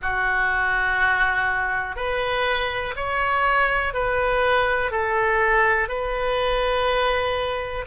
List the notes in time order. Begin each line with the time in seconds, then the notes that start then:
0.01 F#4
1.95 B4
2.96 C#5
3.93 B4
4.91 A4
5.88 B4